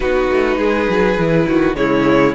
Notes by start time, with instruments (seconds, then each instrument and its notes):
0.00 cello B3, viola D#4, violin F#4 B4
0.30 cello A3
0.58 cello G#3, violin G#4
0.89 cello F#3
1.17 cello E3, viola E4
1.47 cello D#3, violin F#4
1.75 cello C#3, viola G#3, violin E4 C#5